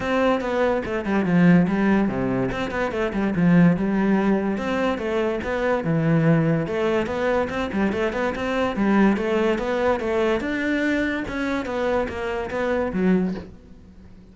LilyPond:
\new Staff \with { instrumentName = "cello" } { \time 4/4 \tempo 4 = 144 c'4 b4 a8 g8 f4 | g4 c4 c'8 b8 a8 g8 | f4 g2 c'4 | a4 b4 e2 |
a4 b4 c'8 g8 a8 b8 | c'4 g4 a4 b4 | a4 d'2 cis'4 | b4 ais4 b4 fis4 | }